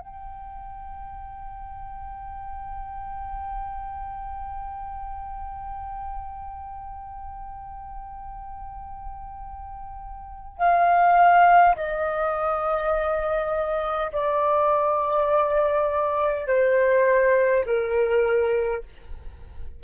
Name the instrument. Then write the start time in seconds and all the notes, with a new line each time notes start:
flute
0.00 G5
10.58 F5
11.76 D#5
14.12 D5
16.47 C5
17.66 A#4